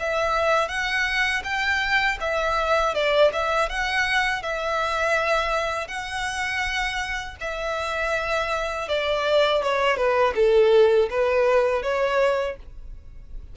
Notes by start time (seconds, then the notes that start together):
0.00 E5
0.69 F#5
1.44 G5
2.21 E5
2.95 D5
3.33 E5
3.70 F#5
4.43 E5
5.88 F#5
7.41 E5
8.89 D5
9.63 C#5
9.97 B4
10.36 A4
11.10 B4
11.83 C#5